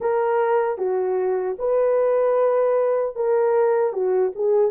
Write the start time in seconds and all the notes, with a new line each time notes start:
0.00 A#4
0.78 F#4
1.58 B4
3.15 A#4
3.92 F#4
4.35 G#4